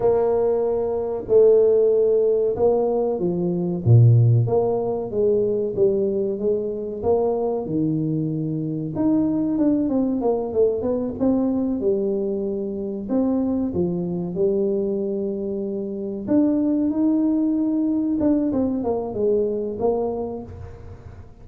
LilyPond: \new Staff \with { instrumentName = "tuba" } { \time 4/4 \tempo 4 = 94 ais2 a2 | ais4 f4 ais,4 ais4 | gis4 g4 gis4 ais4 | dis2 dis'4 d'8 c'8 |
ais8 a8 b8 c'4 g4.~ | g8 c'4 f4 g4.~ | g4. d'4 dis'4.~ | dis'8 d'8 c'8 ais8 gis4 ais4 | }